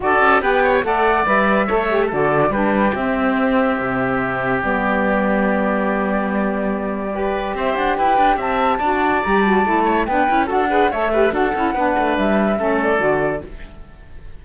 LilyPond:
<<
  \new Staff \with { instrumentName = "flute" } { \time 4/4 \tempo 4 = 143 d''4 g''4 fis''4 e''4~ | e''4 d''4 b'4 e''4~ | e''2. d''4~ | d''1~ |
d''2 e''8 fis''8 g''4 | a''2 ais''8 a''4. | g''4 fis''4 e''4 fis''4~ | fis''4 e''4. d''4. | }
  \new Staff \with { instrumentName = "oboe" } { \time 4/4 a'4 b'8 cis''8 d''2 | cis''4 a'4 g'2~ | g'1~ | g'1~ |
g'4 b'4 c''4 b'4 | e''4 d''2~ d''8 cis''8 | b'4 a'8 b'8 cis''8 b'8 a'4 | b'2 a'2 | }
  \new Staff \with { instrumentName = "saxophone" } { \time 4/4 fis'4 g'4 a'4 b'4 | a'8 g'8 fis'4 d'4 c'4~ | c'2. b4~ | b1~ |
b4 g'2.~ | g'4 fis'4 g'8 fis'8 e'4 | d'8 e'8 fis'8 gis'8 a'8 g'8 fis'8 e'8 | d'2 cis'4 fis'4 | }
  \new Staff \with { instrumentName = "cello" } { \time 4/4 d'8 cis'8 b4 a4 g4 | a4 d4 g4 c'4~ | c'4 c2 g4~ | g1~ |
g2 c'8 d'8 e'8 d'8 | c'4 d'4 g4 a4 | b8 cis'8 d'4 a4 d'8 cis'8 | b8 a8 g4 a4 d4 | }
>>